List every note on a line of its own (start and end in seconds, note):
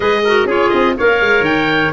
0.00 0.45 G#3
0.00 0.24 G#4
0.00 0.22 B4
0.00 0.47 D#5
0.24 0.48 F#4
0.24 0.47 A#4
0.45 0.69 C#4
0.45 0.96 F4
0.45 0.95 G#4
0.45 0.69 C#5
0.69 0.98 C4
0.69 0.93 D#5
0.97 1.21 A#3
0.97 1.92 A#4
0.97 1.92 C#5
0.97 1.44 F5
1.21 1.40 G#3
1.40 1.89 D#3
1.40 1.92 G5